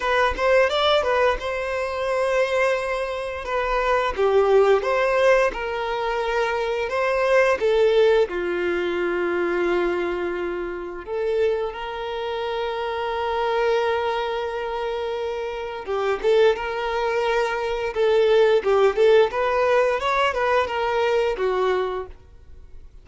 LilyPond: \new Staff \with { instrumentName = "violin" } { \time 4/4 \tempo 4 = 87 b'8 c''8 d''8 b'8 c''2~ | c''4 b'4 g'4 c''4 | ais'2 c''4 a'4 | f'1 |
a'4 ais'2.~ | ais'2. g'8 a'8 | ais'2 a'4 g'8 a'8 | b'4 cis''8 b'8 ais'4 fis'4 | }